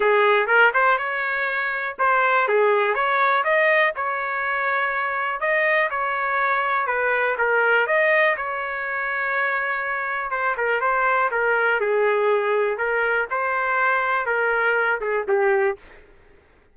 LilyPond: \new Staff \with { instrumentName = "trumpet" } { \time 4/4 \tempo 4 = 122 gis'4 ais'8 c''8 cis''2 | c''4 gis'4 cis''4 dis''4 | cis''2. dis''4 | cis''2 b'4 ais'4 |
dis''4 cis''2.~ | cis''4 c''8 ais'8 c''4 ais'4 | gis'2 ais'4 c''4~ | c''4 ais'4. gis'8 g'4 | }